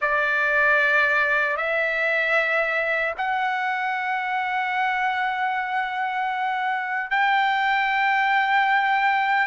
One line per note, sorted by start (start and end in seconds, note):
0.01 1.56 D5
1.56 3.14 E5
3.17 7.10 F#5
7.10 9.47 G5